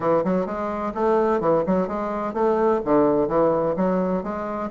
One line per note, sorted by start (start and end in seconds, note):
0.00 0.23 E3
0.24 0.46 F#3
0.46 0.92 G#3
0.94 1.40 A3
1.40 1.63 E3
1.66 1.87 F#3
1.87 2.33 G#3
2.33 2.80 A3
2.84 3.28 D3
3.28 3.75 E3
3.76 4.23 F#3
4.23 4.70 G#3